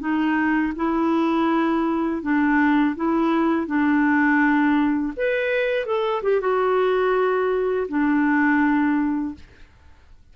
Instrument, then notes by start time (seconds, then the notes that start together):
clarinet
0.00 D#4
0.76 E4
2.22 D4
2.96 E4
3.67 D4
5.17 B4
5.86 A4
6.23 G4
6.41 F#4
7.88 D4